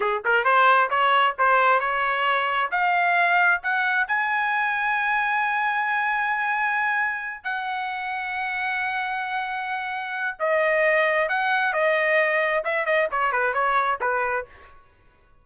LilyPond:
\new Staff \with { instrumentName = "trumpet" } { \time 4/4 \tempo 4 = 133 gis'8 ais'8 c''4 cis''4 c''4 | cis''2 f''2 | fis''4 gis''2.~ | gis''1~ |
gis''8 fis''2.~ fis''8~ | fis''2. dis''4~ | dis''4 fis''4 dis''2 | e''8 dis''8 cis''8 b'8 cis''4 b'4 | }